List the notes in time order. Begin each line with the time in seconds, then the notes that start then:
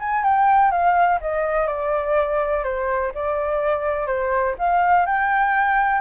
0.00 G#5
0.24 G5
0.71 F5
1.21 D#5
1.67 D5
2.64 C5
3.15 D5
4.07 C5
4.59 F5
5.06 G5